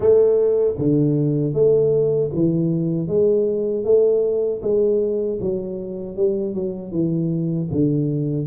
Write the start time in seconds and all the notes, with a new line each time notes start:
0.00 A3
0.77 D3
1.53 A3
2.34 E3
3.07 G#3
3.84 A3
4.62 G#3
5.41 F#3
6.16 G3
6.54 F#3
6.91 E3
7.71 D3